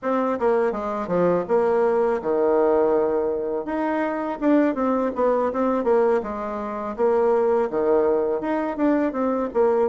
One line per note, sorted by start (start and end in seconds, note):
0.02 0.39 C4
0.39 0.72 A#3
0.72 1.07 G#3
1.07 1.44 F3
1.48 2.21 A#3
2.21 3.65 D#3
3.65 4.38 D#4
4.40 4.74 D4
4.74 5.11 C4
5.15 5.51 B3
5.52 5.84 C4
5.84 6.20 A#3
6.22 6.95 G#3
6.96 7.69 A#3
7.70 8.40 D#3
8.40 8.76 D#4
8.76 9.12 D4
9.12 9.49 C4
9.53 9.88 A#3